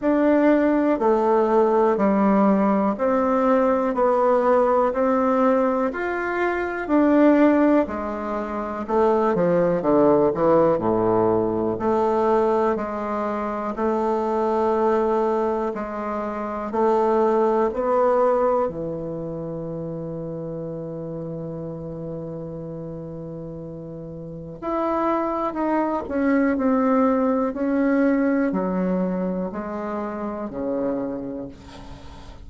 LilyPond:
\new Staff \with { instrumentName = "bassoon" } { \time 4/4 \tempo 4 = 61 d'4 a4 g4 c'4 | b4 c'4 f'4 d'4 | gis4 a8 f8 d8 e8 a,4 | a4 gis4 a2 |
gis4 a4 b4 e4~ | e1~ | e4 e'4 dis'8 cis'8 c'4 | cis'4 fis4 gis4 cis4 | }